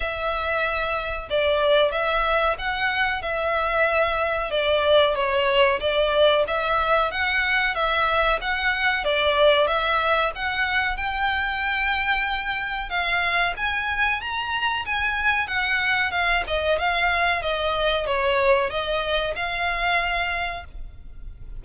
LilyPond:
\new Staff \with { instrumentName = "violin" } { \time 4/4 \tempo 4 = 93 e''2 d''4 e''4 | fis''4 e''2 d''4 | cis''4 d''4 e''4 fis''4 | e''4 fis''4 d''4 e''4 |
fis''4 g''2. | f''4 gis''4 ais''4 gis''4 | fis''4 f''8 dis''8 f''4 dis''4 | cis''4 dis''4 f''2 | }